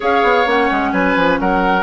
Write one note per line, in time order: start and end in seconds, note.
0.00 0.23 C#4
0.00 0.45 G#4
0.00 0.91 C#5
0.00 0.48 F5
0.23 0.46 B3
0.45 0.69 A#3
0.45 1.82 C#4
0.45 0.92 F#5
0.71 0.92 G#3
0.92 1.15 F#3
0.92 1.39 B4
0.92 1.38 G#5
1.16 1.39 F3
1.39 1.82 F#3
1.39 1.82 A#4
1.39 1.82 F#5